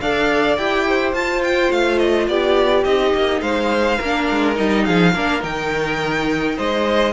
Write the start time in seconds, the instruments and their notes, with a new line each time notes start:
0.00 cello D4, viola A4, violin D5 F5
0.57 cello E4, viola G4, violin G5
0.87 violin C5
1.12 cello F4, viola F4, violin A5
1.43 violin G5
1.71 cello A3, violin F5
1.98 violin D#5
2.27 cello B3, violin G4 D5
2.84 cello C4, viola D#4, violin D#5
3.14 cello A#3
3.40 cello G#3, violin C5 F5
3.98 cello A#3, viola D4, violin A#4
4.30 cello G#3
4.55 cello G3, viola D#4, violin D#5
4.85 cello F3, violin G#4 F5
5.13 cello A#3, viola D4, violin A#4
5.40 cello D#3, viola D#4, violin G5
6.56 cello G#3, violin C5 D#5